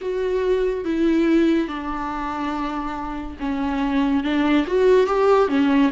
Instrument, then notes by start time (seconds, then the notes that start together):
viola
0.01 F#4
0.85 E4
1.67 D4
3.39 C#4
4.23 D4
4.66 F#4
5.06 G4
5.48 C#4